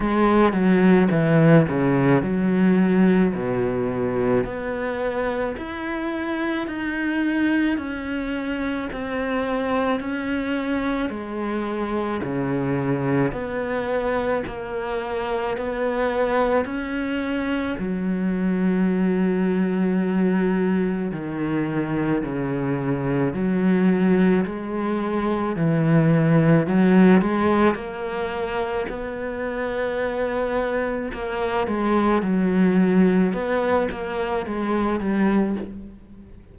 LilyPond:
\new Staff \with { instrumentName = "cello" } { \time 4/4 \tempo 4 = 54 gis8 fis8 e8 cis8 fis4 b,4 | b4 e'4 dis'4 cis'4 | c'4 cis'4 gis4 cis4 | b4 ais4 b4 cis'4 |
fis2. dis4 | cis4 fis4 gis4 e4 | fis8 gis8 ais4 b2 | ais8 gis8 fis4 b8 ais8 gis8 g8 | }